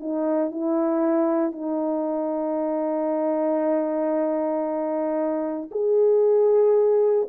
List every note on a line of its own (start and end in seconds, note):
0.00 0.51 D#4
0.51 1.52 E4
1.52 5.69 D#4
5.71 7.28 G#4